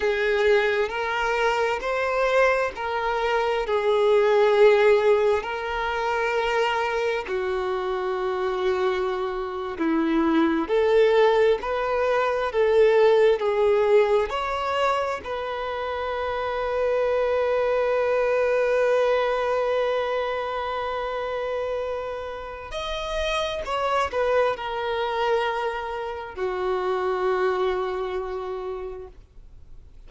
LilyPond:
\new Staff \with { instrumentName = "violin" } { \time 4/4 \tempo 4 = 66 gis'4 ais'4 c''4 ais'4 | gis'2 ais'2 | fis'2~ fis'8. e'4 a'16~ | a'8. b'4 a'4 gis'4 cis''16~ |
cis''8. b'2.~ b'16~ | b'1~ | b'4 dis''4 cis''8 b'8 ais'4~ | ais'4 fis'2. | }